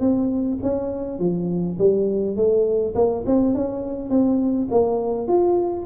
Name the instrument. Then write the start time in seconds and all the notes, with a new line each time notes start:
tuba
0.00 C4
0.62 C#4
1.19 F3
1.78 G3
2.36 A3
2.95 A#3
3.26 C4
3.55 C#4
4.10 C4
4.71 A#3
5.28 F4